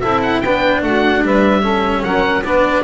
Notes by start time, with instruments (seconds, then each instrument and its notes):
0.00 double bass C4, cello E4, saxophone A4, oboe E5
0.22 oboe F#5
0.40 double bass B3, cello D4, saxophone B4, oboe G5
0.82 double bass A3, saxophone F#4, oboe F#5
1.22 double bass G3, saxophone B4, oboe E5
1.61 cello C#4, saxophone A4
2.03 double bass F#3, saxophone A#4, oboe F#5
2.41 double bass B3, cello D4, saxophone B4, oboe D5